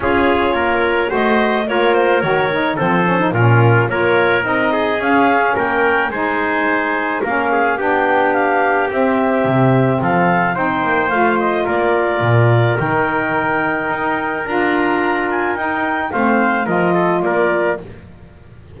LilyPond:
<<
  \new Staff \with { instrumentName = "clarinet" } { \time 4/4 \tempo 4 = 108 cis''2 dis''4 cis''8 c''8 | cis''4 c''4 ais'4 cis''4 | dis''4 f''4 g''4 gis''4~ | gis''4 f''4 g''4 f''4 |
e''2 f''4 g''4 | f''8 dis''8 d''2 g''4~ | g''2 ais''4. gis''8 | g''4 f''4 dis''4 d''4 | }
  \new Staff \with { instrumentName = "trumpet" } { \time 4/4 gis'4 ais'4 c''4 ais'4~ | ais'4 a'4 f'4 ais'4~ | ais'8 gis'4. ais'4 c''4~ | c''4 ais'8 gis'8 g'2~ |
g'2 a'4 c''4~ | c''4 ais'2.~ | ais'1~ | ais'4 c''4 ais'8 a'8 ais'4 | }
  \new Staff \with { instrumentName = "saxophone" } { \time 4/4 f'2 fis'4 f'4 | fis'8 dis'8 c'8 cis'16 dis'16 cis'4 f'4 | dis'4 cis'2 dis'4~ | dis'4 cis'4 d'2 |
c'2. dis'4 | f'2. dis'4~ | dis'2 f'2 | dis'4 c'4 f'2 | }
  \new Staff \with { instrumentName = "double bass" } { \time 4/4 cis'4 ais4 a4 ais4 | dis4 f4 ais,4 ais4 | c'4 cis'4 ais4 gis4~ | gis4 ais4 b2 |
c'4 c4 f4 c'8 ais8 | a4 ais4 ais,4 dis4~ | dis4 dis'4 d'2 | dis'4 a4 f4 ais4 | }
>>